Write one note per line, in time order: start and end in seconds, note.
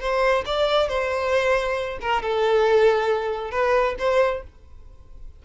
0.00 0.44 C5
0.46 0.88 D5
0.88 1.99 C5
2.01 2.22 A#4
2.22 3.51 A4
3.51 3.95 B4
3.98 4.43 C5